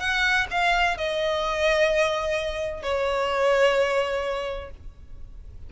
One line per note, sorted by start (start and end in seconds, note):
0.00 0.47 F#5
0.51 0.98 F5
0.98 2.83 D#5
2.83 4.70 C#5